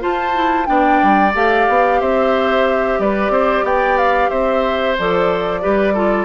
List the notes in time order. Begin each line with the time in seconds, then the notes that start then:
0.00 F4 C5 A5
0.35 E4
0.66 B3 D4 D5 G5
1.03 G3
1.34 A3 G4 F5
1.69 B3
2.01 C4 C5 E5
2.99 G3 B4 D5
3.29 C4 C5
3.64 B3 D5 G5
3.98 F5
4.30 C4 C5 E5
4.99 F3 A4 D5
5.62 G3 G4 B4
5.94 F4 A4